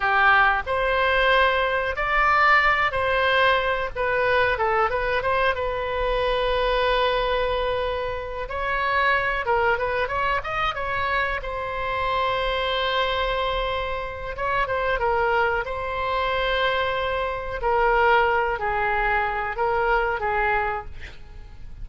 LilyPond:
\new Staff \with { instrumentName = "oboe" } { \time 4/4 \tempo 4 = 92 g'4 c''2 d''4~ | d''8 c''4. b'4 a'8 b'8 | c''8 b'2.~ b'8~ | b'4 cis''4. ais'8 b'8 cis''8 |
dis''8 cis''4 c''2~ c''8~ | c''2 cis''8 c''8 ais'4 | c''2. ais'4~ | ais'8 gis'4. ais'4 gis'4 | }